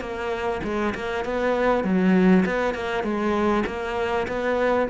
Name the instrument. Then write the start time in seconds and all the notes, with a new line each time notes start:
cello
0.00 A#3
0.63 G#3
0.94 A#3
1.25 B3
1.84 F#3
2.45 B3
2.74 A#3
3.03 G#3
3.66 A#3
4.27 B3